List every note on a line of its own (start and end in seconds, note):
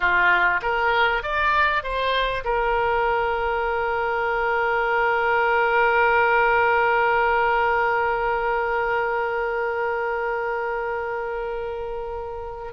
0.00 0.61 F4
0.62 1.22 A#4
1.22 1.83 D5
1.83 2.44 C5
2.44 12.73 A#4